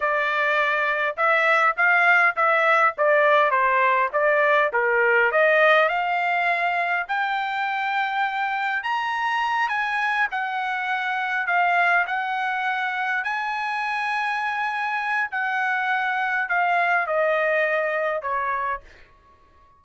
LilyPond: \new Staff \with { instrumentName = "trumpet" } { \time 4/4 \tempo 4 = 102 d''2 e''4 f''4 | e''4 d''4 c''4 d''4 | ais'4 dis''4 f''2 | g''2. ais''4~ |
ais''8 gis''4 fis''2 f''8~ | f''8 fis''2 gis''4.~ | gis''2 fis''2 | f''4 dis''2 cis''4 | }